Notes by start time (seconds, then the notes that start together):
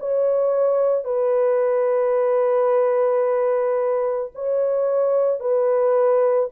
0.00 C#5
1.05 B4
4.35 C#5
5.40 B4